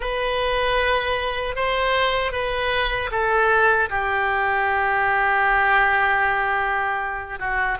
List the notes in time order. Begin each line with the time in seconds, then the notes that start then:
0.00 B4
1.55 C5
2.32 B4
3.11 A4
3.89 G4
7.38 F#4